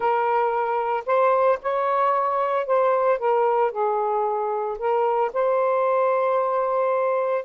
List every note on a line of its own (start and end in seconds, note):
0.00 1.04 A#4
1.05 1.59 C5
1.62 2.66 C#5
2.66 3.18 C5
3.18 3.71 A#4
3.71 4.77 G#4
4.78 5.31 A#4
5.33 7.44 C5